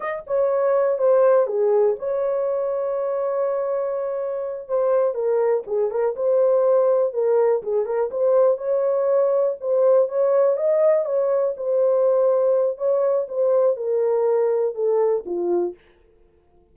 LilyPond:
\new Staff \with { instrumentName = "horn" } { \time 4/4 \tempo 4 = 122 dis''8 cis''4. c''4 gis'4 | cis''1~ | cis''4. c''4 ais'4 gis'8 | ais'8 c''2 ais'4 gis'8 |
ais'8 c''4 cis''2 c''8~ | c''8 cis''4 dis''4 cis''4 c''8~ | c''2 cis''4 c''4 | ais'2 a'4 f'4 | }